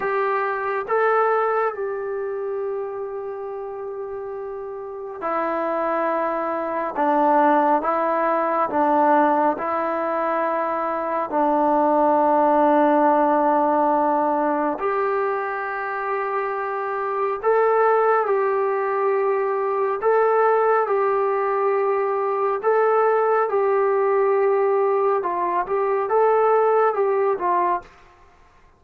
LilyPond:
\new Staff \with { instrumentName = "trombone" } { \time 4/4 \tempo 4 = 69 g'4 a'4 g'2~ | g'2 e'2 | d'4 e'4 d'4 e'4~ | e'4 d'2.~ |
d'4 g'2. | a'4 g'2 a'4 | g'2 a'4 g'4~ | g'4 f'8 g'8 a'4 g'8 f'8 | }